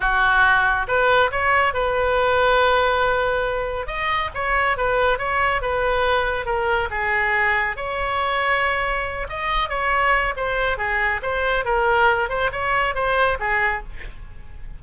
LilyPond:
\new Staff \with { instrumentName = "oboe" } { \time 4/4 \tempo 4 = 139 fis'2 b'4 cis''4 | b'1~ | b'4 dis''4 cis''4 b'4 | cis''4 b'2 ais'4 |
gis'2 cis''2~ | cis''4. dis''4 cis''4. | c''4 gis'4 c''4 ais'4~ | ais'8 c''8 cis''4 c''4 gis'4 | }